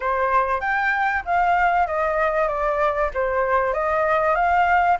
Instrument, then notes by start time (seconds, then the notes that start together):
flute
0.00 C5
0.60 G5
1.25 F5
1.86 D#5
2.47 D5
3.13 C5
3.73 D#5
4.35 F5